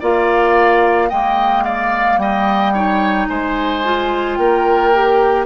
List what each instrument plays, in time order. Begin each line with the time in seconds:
0.00 bassoon A#3, clarinet F4, oboe D5, flute F5
1.09 bassoon G#3, clarinet A#3, oboe D#5, flute G5
1.64 oboe D5, flute F5
2.17 bassoon G3, oboe D#5, flute G5
2.73 clarinet D#4, oboe C#5
3.28 bassoon G#3, oboe C5, flute G#5
3.84 clarinet F4
4.36 bassoon A#3, oboe A#4, flute G5
4.94 clarinet G4